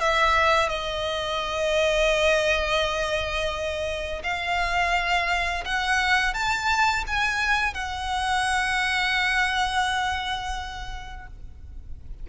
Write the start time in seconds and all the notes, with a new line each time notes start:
0.00 E5
0.69 D#5
4.23 F5
5.65 F#5
6.33 A5
7.07 G#5
7.74 F#5